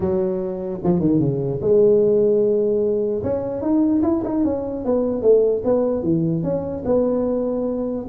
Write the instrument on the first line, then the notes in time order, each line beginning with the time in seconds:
tuba
0.00 F#3
0.83 F3
0.99 D#3
1.19 C#3
1.61 G#3
3.23 C#4
3.61 D#4
4.02 E4
4.24 D#4
4.44 C#4
4.84 B3
5.22 A3
5.64 B3
6.03 E3
6.43 C#4
6.85 B3